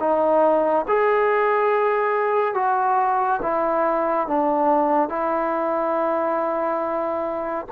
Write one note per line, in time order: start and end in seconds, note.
0.00 0.86 D#4
0.88 2.55 G#4
2.55 3.41 F#4
3.42 4.28 E4
4.28 5.10 D4
5.10 7.67 E4